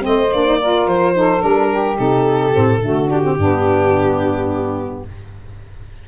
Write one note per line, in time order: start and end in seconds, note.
0.00 0.33 A3
0.00 0.28 C4
0.00 0.59 C5
0.00 0.32 D#5
0.32 0.86 A#3
0.32 0.46 D4
0.32 0.87 D5
0.46 0.59 D#4
0.59 1.13 F4
0.59 1.14 A#4
0.86 1.42 F3
0.86 1.41 C5
1.13 1.39 D#4
1.13 1.68 A4
1.39 1.98 G3
1.39 1.94 D4
1.39 1.97 A#4
1.68 2.79 G4
1.96 2.54 C3
1.96 2.52 D#4
1.96 3.09 A4
2.52 2.81 A2
2.52 2.80 C4
2.81 3.37 D3
2.81 3.08 A3
2.81 3.36 F#4
3.08 3.21 D4
3.08 5.04 G4
3.23 3.37 C4
3.36 5.04 G2
3.36 5.08 B3
3.36 5.03 D4